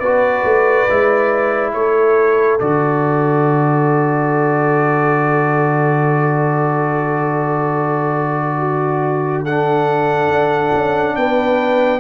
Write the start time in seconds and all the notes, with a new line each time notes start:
0.00 B3 F#4 B4 D5
0.44 A3
0.89 G#3 E4
1.73 A3 A4 C#5
2.59 D3 F#4 D5
8.58 F#4
9.44 D4 A4 F#5
10.29 D4
10.74 C#4
11.16 B3 B4 G5